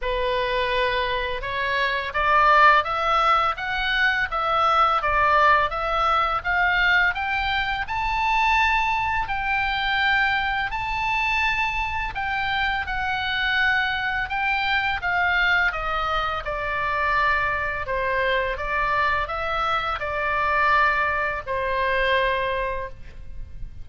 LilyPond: \new Staff \with { instrumentName = "oboe" } { \time 4/4 \tempo 4 = 84 b'2 cis''4 d''4 | e''4 fis''4 e''4 d''4 | e''4 f''4 g''4 a''4~ | a''4 g''2 a''4~ |
a''4 g''4 fis''2 | g''4 f''4 dis''4 d''4~ | d''4 c''4 d''4 e''4 | d''2 c''2 | }